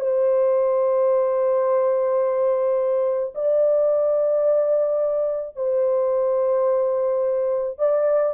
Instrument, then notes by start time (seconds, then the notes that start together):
horn
0.00 C5
3.34 D5
5.56 C5
7.78 D5